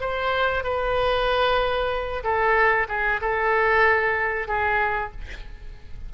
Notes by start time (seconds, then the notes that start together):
0.00 C5
0.63 B4
2.23 A4
2.88 G#4
3.21 A4
4.47 G#4